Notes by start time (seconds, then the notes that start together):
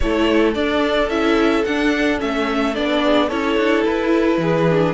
0.00 A3 E4 A4 C#5
0.54 D4 D5
1.08 C#4 E4 E5
1.64 D4 F#5
2.18 A3 C#4 E5
2.74 B3 D4 D5
3.03 G#4
3.27 C#4 E4 A4 C#5
3.56 D4
3.85 E4 B4
4.37 E3 G#4
4.70 D4